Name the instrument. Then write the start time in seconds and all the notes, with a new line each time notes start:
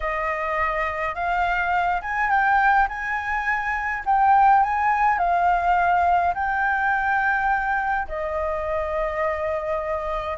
flute
0.00 D#5
1.14 F5
2.01 G#5
2.29 G5
2.88 G#5
4.05 G5
4.63 G#5
5.18 F5
6.34 G5
8.08 D#5